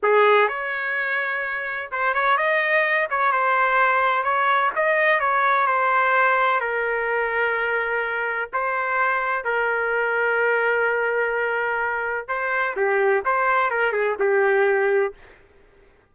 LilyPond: \new Staff \with { instrumentName = "trumpet" } { \time 4/4 \tempo 4 = 127 gis'4 cis''2. | c''8 cis''8 dis''4. cis''8 c''4~ | c''4 cis''4 dis''4 cis''4 | c''2 ais'2~ |
ais'2 c''2 | ais'1~ | ais'2 c''4 g'4 | c''4 ais'8 gis'8 g'2 | }